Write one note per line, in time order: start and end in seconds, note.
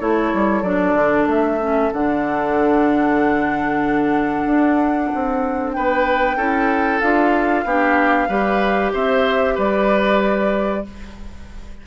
0.00 0.33 A3
0.00 0.64 E4
0.00 5.75 A4
0.00 0.63 C#5
0.34 0.62 G3
0.62 0.94 F#3
0.62 1.61 D4
0.62 1.27 D5
0.94 1.26 D3
1.26 1.90 A3
1.26 1.93 E5
1.61 1.92 C#4
1.93 4.46 D3
1.93 6.39 D4
1.93 5.73 F#5
4.46 5.10 D4
5.14 5.78 C4
5.73 6.36 B3
5.73 6.37 B4
5.73 7.01 G5
6.36 7.00 C#4
6.36 7.02 E4
6.36 7.65 A4
7.01 7.65 D4
7.01 7.66 F4
7.01 8.92 F5
7.65 8.28 B3
7.65 8.29 D4
7.65 8.29 G4
8.29 8.93 G3
8.29 10.85 G4
8.29 8.92 B4
8.94 9.58 C4
8.94 9.55 C5
8.94 9.59 E5
9.55 10.86 G3
9.55 10.83 B4
9.55 10.87 D5